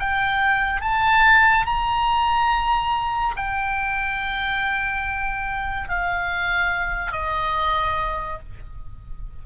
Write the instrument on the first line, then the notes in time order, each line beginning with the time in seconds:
oboe
0.00 G5
0.82 A5
1.67 A#5
3.37 G5
5.89 F5
7.13 D#5